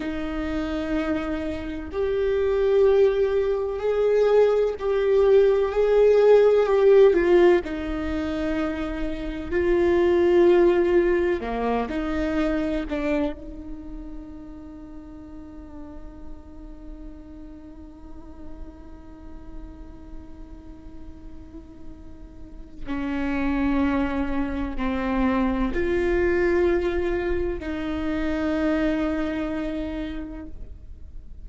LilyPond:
\new Staff \with { instrumentName = "viola" } { \time 4/4 \tempo 4 = 63 dis'2 g'2 | gis'4 g'4 gis'4 g'8 f'8 | dis'2 f'2 | ais8 dis'4 d'8 dis'2~ |
dis'1~ | dis'1 | cis'2 c'4 f'4~ | f'4 dis'2. | }